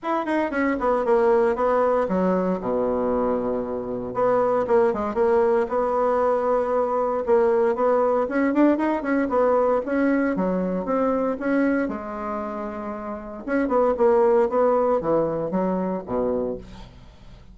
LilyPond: \new Staff \with { instrumentName = "bassoon" } { \time 4/4 \tempo 4 = 116 e'8 dis'8 cis'8 b8 ais4 b4 | fis4 b,2. | b4 ais8 gis8 ais4 b4~ | b2 ais4 b4 |
cis'8 d'8 dis'8 cis'8 b4 cis'4 | fis4 c'4 cis'4 gis4~ | gis2 cis'8 b8 ais4 | b4 e4 fis4 b,4 | }